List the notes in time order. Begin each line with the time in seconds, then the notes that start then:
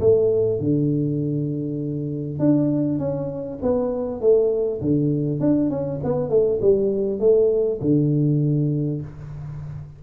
0.00 A3
0.59 D3
2.39 D4
2.99 C#4
3.62 B3
4.21 A3
4.81 D3
5.40 D4
5.70 C#4
6.04 B3
6.30 A3
6.61 G3
7.19 A3
7.81 D3